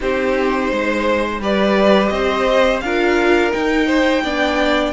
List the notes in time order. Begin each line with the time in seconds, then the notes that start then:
0.00 C4 D#4 G4 C5
0.70 G#3 C5
1.40 G3 G4 B4 D5
2.08 C4 C5 D#5
2.80 D4 F4 A#4 F5
3.51 D#4 G5
3.86 C5
4.23 B3 D4 D5